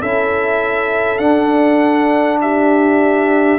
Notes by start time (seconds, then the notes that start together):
0.00 C#4 E4 A4 E5
1.18 D4 F#5
2.41 G4 E5